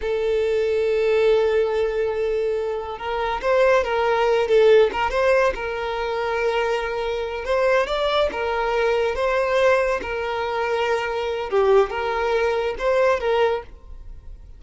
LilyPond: \new Staff \with { instrumentName = "violin" } { \time 4/4 \tempo 4 = 141 a'1~ | a'2. ais'4 | c''4 ais'4. a'4 ais'8 | c''4 ais'2.~ |
ais'4. c''4 d''4 ais'8~ | ais'4. c''2 ais'8~ | ais'2. g'4 | ais'2 c''4 ais'4 | }